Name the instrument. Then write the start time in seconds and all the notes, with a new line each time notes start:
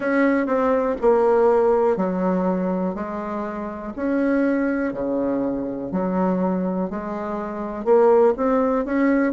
bassoon
0.00 C#4
0.46 C4
1.01 A#3
1.96 F#3
2.95 G#3
3.96 C#4
4.93 C#3
5.92 F#3
6.90 G#3
7.84 A#3
8.36 C4
8.85 C#4